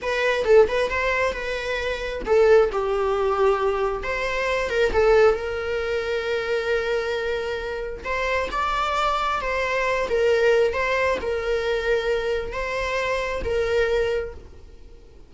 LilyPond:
\new Staff \with { instrumentName = "viola" } { \time 4/4 \tempo 4 = 134 b'4 a'8 b'8 c''4 b'4~ | b'4 a'4 g'2~ | g'4 c''4. ais'8 a'4 | ais'1~ |
ais'2 c''4 d''4~ | d''4 c''4. ais'4. | c''4 ais'2. | c''2 ais'2 | }